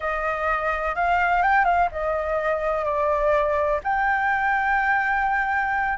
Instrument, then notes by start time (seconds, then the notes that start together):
flute
0.00 D#5
0.95 F5
1.42 G5
1.65 F5
1.91 D#5
2.84 D5
3.83 G5